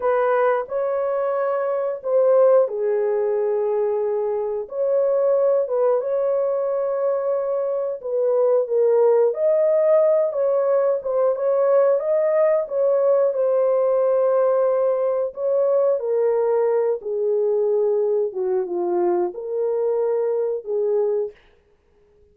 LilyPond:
\new Staff \with { instrumentName = "horn" } { \time 4/4 \tempo 4 = 90 b'4 cis''2 c''4 | gis'2. cis''4~ | cis''8 b'8 cis''2. | b'4 ais'4 dis''4. cis''8~ |
cis''8 c''8 cis''4 dis''4 cis''4 | c''2. cis''4 | ais'4. gis'2 fis'8 | f'4 ais'2 gis'4 | }